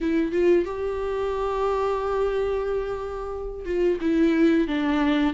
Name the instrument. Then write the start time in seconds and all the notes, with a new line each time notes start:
viola
0.00 E4
0.32 F4
0.65 G4
3.65 F4
4.00 E4
4.67 D4